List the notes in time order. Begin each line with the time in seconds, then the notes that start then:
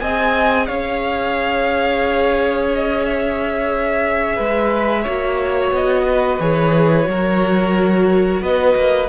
0.00 C4 G#4 D#5 G#5
0.66 C#4 C#5 F5
2.74 D#5
3.05 E5
4.36 G#3 B4
5.03 A#3 F#4 C#5
5.71 B3 D#5
6.08 B4
6.40 E3 G#4 C#5
7.04 F#3 F#4 A#4
8.41 B3 B4 D#5
8.75 A#3